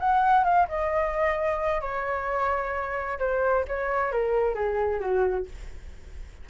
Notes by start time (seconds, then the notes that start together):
0.00 F#5
0.44 F5
0.68 D#5
1.81 C#5
3.19 C5
3.68 C#5
4.12 A#4
4.55 G#4
5.00 F#4